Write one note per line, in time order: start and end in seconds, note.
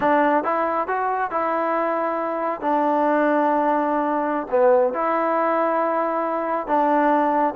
0.00 0.44 D4
0.44 0.87 E4
0.87 1.31 F#4
1.31 2.61 E4
2.61 4.47 D4
4.50 4.93 B3
4.93 6.67 E4
6.67 7.54 D4